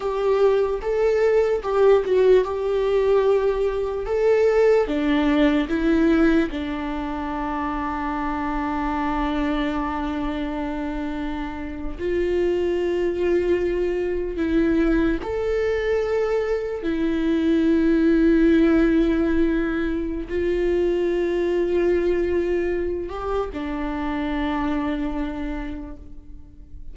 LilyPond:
\new Staff \with { instrumentName = "viola" } { \time 4/4 \tempo 4 = 74 g'4 a'4 g'8 fis'8 g'4~ | g'4 a'4 d'4 e'4 | d'1~ | d'2~ d'8. f'4~ f'16~ |
f'4.~ f'16 e'4 a'4~ a'16~ | a'8. e'2.~ e'16~ | e'4 f'2.~ | f'8 g'8 d'2. | }